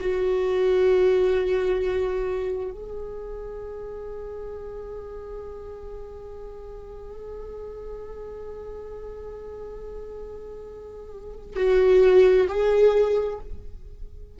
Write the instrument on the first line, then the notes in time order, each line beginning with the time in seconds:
viola
0.00 F#4
2.71 G#4
11.56 F#4
12.48 G#4